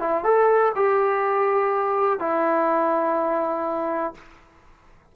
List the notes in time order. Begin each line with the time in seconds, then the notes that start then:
0.00 E4
0.24 A4
0.76 G4
2.20 E4